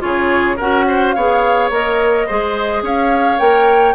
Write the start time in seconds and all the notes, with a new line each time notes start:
0.00 C#3 F4 G#4 C#5
0.56 C#4 F#4 A#4 F#5
0.87 C5
1.12 B3 G#4 C#5 F5
1.70 A#3 A#4 D#5
2.27 G#3 G#4 C5
2.82 C#4 C#5 F5
3.38 A#3 A#4 G5